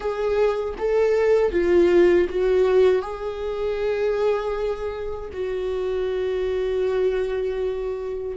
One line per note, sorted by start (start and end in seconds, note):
0.00 0.74 G#4
0.78 1.51 A4
1.51 2.27 F4
2.29 3.02 F#4
3.02 5.30 G#4
5.32 8.36 F#4